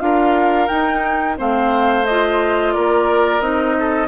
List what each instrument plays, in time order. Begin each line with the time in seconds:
0.00 bassoon D4, clarinet F4, oboe A#4, flute F5
0.68 clarinet D#4, bassoon D#4, flute G5
1.37 bassoon A3, clarinet C4, oboe C5, flute F5
2.06 clarinet F4, flute D#5
2.73 bassoon A#3, oboe A#4, flute D5
3.41 bassoon C4, clarinet D#4, flute D#5
3.80 oboe A4